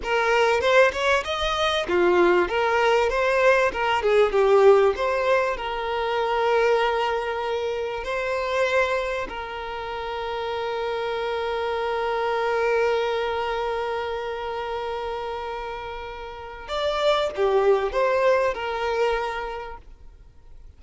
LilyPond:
\new Staff \with { instrumentName = "violin" } { \time 4/4 \tempo 4 = 97 ais'4 c''8 cis''8 dis''4 f'4 | ais'4 c''4 ais'8 gis'8 g'4 | c''4 ais'2.~ | ais'4 c''2 ais'4~ |
ais'1~ | ais'1~ | ais'2. d''4 | g'4 c''4 ais'2 | }